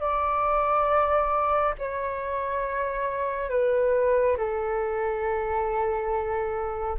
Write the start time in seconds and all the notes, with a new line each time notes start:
0.00 D5
1.78 C#5
3.50 B4
4.37 A4